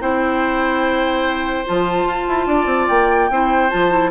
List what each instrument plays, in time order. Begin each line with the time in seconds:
0.00 bassoon C4, clarinet E4, oboe C5, flute G5
1.65 bassoon F3, clarinet F4, flute A5
2.05 bassoon F4
2.28 bassoon E4
2.46 bassoon D4, oboe D5
2.66 bassoon C4
2.88 bassoon A#3, flute G5
3.30 bassoon C4, clarinet E4, oboe C5
3.70 bassoon F3, clarinet F4, flute A5
3.90 clarinet E4